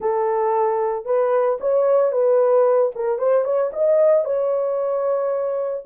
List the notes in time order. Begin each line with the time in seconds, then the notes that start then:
0.00 A4
1.05 B4
1.60 C#5
2.12 B4
2.95 A#4
3.18 C5
3.44 C#5
3.72 D#5
4.24 C#5